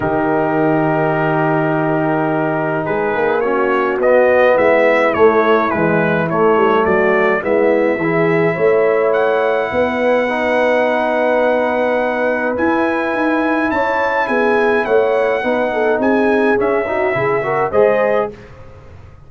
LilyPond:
<<
  \new Staff \with { instrumentName = "trumpet" } { \time 4/4 \tempo 4 = 105 ais'1~ | ais'4 b'4 cis''4 dis''4 | e''4 cis''4 b'4 cis''4 | d''4 e''2. |
fis''1~ | fis''2 gis''2 | a''4 gis''4 fis''2 | gis''4 e''2 dis''4 | }
  \new Staff \with { instrumentName = "horn" } { \time 4/4 g'1~ | g'4 gis'4 fis'2 | e'1 | fis'4 e'4 gis'4 cis''4~ |
cis''4 b'2.~ | b'1 | cis''4 gis'4 cis''4 b'8 a'8 | gis'4. fis'8 gis'8 ais'8 c''4 | }
  \new Staff \with { instrumentName = "trombone" } { \time 4/4 dis'1~ | dis'2 cis'4 b4~ | b4 a4 gis4 a4~ | a4 b4 e'2~ |
e'2 dis'2~ | dis'2 e'2~ | e'2. dis'4~ | dis'4 cis'8 dis'8 e'8 fis'8 gis'4 | }
  \new Staff \with { instrumentName = "tuba" } { \time 4/4 dis1~ | dis4 gis8 ais4. b4 | gis4 a4 e4 a8 g8 | fis4 gis4 e4 a4~ |
a4 b2.~ | b2 e'4 dis'4 | cis'4 b4 a4 b4 | c'4 cis'4 cis4 gis4 | }
>>